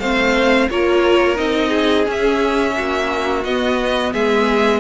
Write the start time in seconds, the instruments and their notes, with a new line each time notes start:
0.00 cello A3, viola C4, violin C5 F5
0.70 cello A#3, viola F4, violin A#4 C#5
1.36 cello C4, viola D#4, violin D#5
1.69 violin G#4
2.05 viola C#4, cello C#4, violin E5
2.77 cello A#3, violin F#4
3.44 cello B3, viola B3, violin D#5
4.14 cello G#3, violin G#4 E5